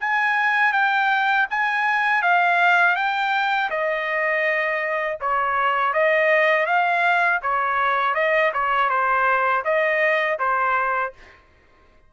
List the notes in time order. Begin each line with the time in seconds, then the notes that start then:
0.00 G#5
0.72 G5
1.50 G#5
2.22 F5
2.96 G5
3.70 D#5
5.20 C#5
5.93 D#5
6.66 F5
7.42 C#5
8.14 D#5
8.53 C#5
8.89 C5
9.64 D#5
10.39 C5